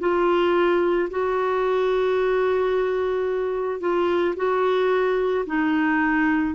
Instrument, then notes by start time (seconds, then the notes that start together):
clarinet
0.00 F4
1.10 F#4
3.80 F4
4.36 F#4
5.46 D#4